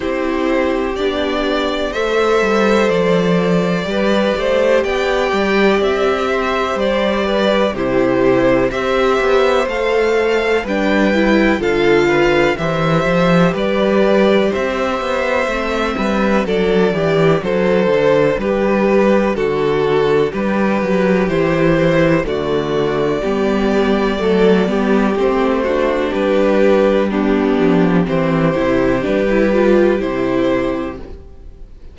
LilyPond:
<<
  \new Staff \with { instrumentName = "violin" } { \time 4/4 \tempo 4 = 62 c''4 d''4 e''4 d''4~ | d''4 g''4 e''4 d''4 | c''4 e''4 f''4 g''4 | f''4 e''4 d''4 e''4~ |
e''4 d''4 c''4 b'4 | a'4 b'4 c''4 d''4~ | d''2 c''4 b'4 | g'4 c''4 b'4 c''4 | }
  \new Staff \with { instrumentName = "violin" } { \time 4/4 g'2 c''2 | b'8 c''8 d''4. c''4 b'8 | g'4 c''2 b'4 | a'8 b'8 c''4 b'4 c''4~ |
c''8 b'8 a'8 g'8 a'4 g'4 | fis'4 g'2 fis'4 | g'4 a'8 g'4 fis'8 g'4 | d'4 g'2. | }
  \new Staff \with { instrumentName = "viola" } { \time 4/4 e'4 d'4 a'2 | g'1 | e'4 g'4 a'4 d'8 e'8 | f'4 g'2. |
c'4 d'2.~ | d'2 e'4 a4 | b4 a8 b8 c'8 d'4. | b4 c'8 e'8 d'16 e'16 f'8 e'4 | }
  \new Staff \with { instrumentName = "cello" } { \time 4/4 c'4 b4 a8 g8 f4 | g8 a8 b8 g8 c'4 g4 | c4 c'8 b8 a4 g4 | d4 e8 f8 g4 c'8 b8 |
a8 g8 fis8 e8 fis8 d8 g4 | d4 g8 fis8 e4 d4 | g4 fis8 g8 a4 g4~ | g8 f8 e8 c8 g4 c4 | }
>>